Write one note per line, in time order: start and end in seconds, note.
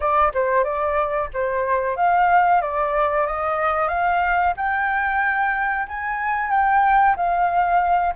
0.00 0.32 D5
0.33 0.64 C5
0.64 1.29 D5
1.33 1.96 C5
1.96 2.61 F5
2.61 3.26 D5
3.26 3.88 D#5
3.88 4.53 F5
4.57 5.87 G5
5.88 6.50 G#5
6.50 7.15 G5
7.16 8.14 F5